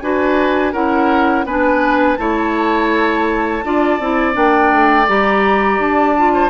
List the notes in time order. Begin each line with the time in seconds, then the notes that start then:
0.00 D4 F#4 B4 G#5
0.73 C#4 E4 A#4 F#5
1.45 B3 D4 B4 G#5
2.17 A3 E4 C#5 A5
3.64 D4 F4 D5
4.00 C4 E4
4.33 A#3 D4 G5
4.72 A3
5.08 G3 G4 A#5
5.79 D4 A5
6.18 F4
6.33 C5